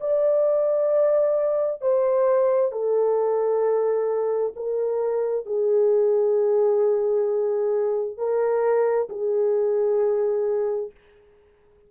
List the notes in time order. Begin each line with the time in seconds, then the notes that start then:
0.00 D5
1.81 C5
2.72 A4
4.56 A#4
5.46 G#4
8.17 A#4
9.09 G#4